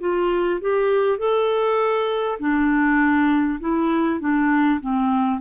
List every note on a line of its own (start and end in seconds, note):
0.00 0.60 F4
0.61 1.18 G4
1.18 2.38 A4
2.39 3.59 D4
3.60 4.20 E4
4.21 4.81 D4
4.81 5.41 C4